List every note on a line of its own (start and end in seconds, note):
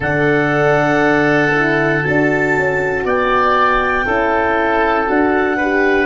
0.00 2.03 D3
0.00 1.54 D4
0.00 3.03 A4
0.00 2.04 F#5
1.55 2.03 E4
2.03 2.57 D4
2.03 4.05 F#4
2.03 3.05 A5
2.57 3.04 C#4
3.04 4.06 B3
3.04 4.05 D5
3.04 5.09 G5
4.05 5.08 C#4
4.05 5.06 E4
4.05 5.56 A4
5.06 6.06 D4
5.06 5.57 F#4
5.06 6.06 F#5
5.56 6.06 G4
5.56 6.06 B4